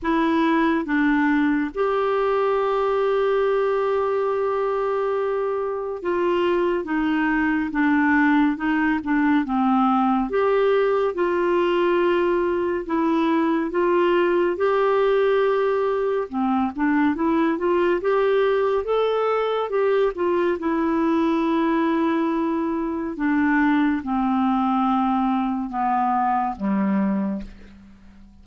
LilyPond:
\new Staff \with { instrumentName = "clarinet" } { \time 4/4 \tempo 4 = 70 e'4 d'4 g'2~ | g'2. f'4 | dis'4 d'4 dis'8 d'8 c'4 | g'4 f'2 e'4 |
f'4 g'2 c'8 d'8 | e'8 f'8 g'4 a'4 g'8 f'8 | e'2. d'4 | c'2 b4 g4 | }